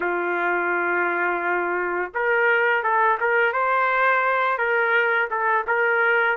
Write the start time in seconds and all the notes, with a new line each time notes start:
0.00 F4
2.14 A#4
2.83 A4
3.20 A#4
3.53 C5
4.58 A#4
5.30 A4
5.67 A#4